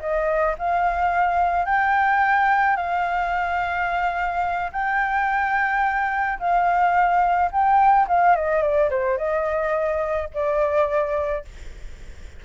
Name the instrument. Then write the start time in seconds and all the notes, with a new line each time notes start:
flute
0.00 D#5
0.59 F5
1.66 G5
2.77 F5
4.72 G5
6.40 F5
7.52 G5
8.08 F5
8.36 D#5
8.62 D5
8.90 C5
9.18 D#5
10.34 D5